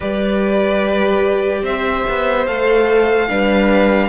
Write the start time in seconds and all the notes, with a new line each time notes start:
0.00 G3 G4 B4 D5
1.62 C4 C5 E5
2.08 B3
2.46 A3 A4 F5
3.28 G3 D4 B4